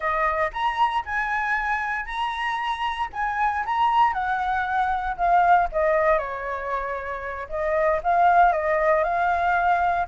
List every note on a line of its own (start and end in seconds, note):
0.00 0.50 D#5
0.52 1.04 A#5
1.05 2.05 G#5
2.05 3.09 A#5
3.12 3.64 G#5
3.65 4.13 A#5
4.13 5.16 F#5
5.16 5.68 F5
5.72 6.18 D#5
6.18 7.47 C#5
7.49 8.01 D#5
8.03 8.52 F5
8.52 9.03 D#5
9.03 10.07 F5